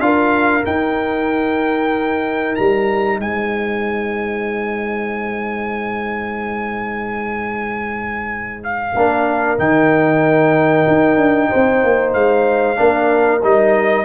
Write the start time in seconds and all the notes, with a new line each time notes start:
0.00 D4 F4 A#4 F5
0.62 D#4 G5
2.55 G3 A#5
3.19 G#3 C5 G#5
8.64 F5
8.95 A#3 D4 A#4
9.58 D#3 D#4 G5
10.88 D#4
11.17 D4
11.49 C4 C5
11.84 A#3
12.14 G#3 F5
12.77 A#3 D4 A#4
13.43 G3 D#4 D#5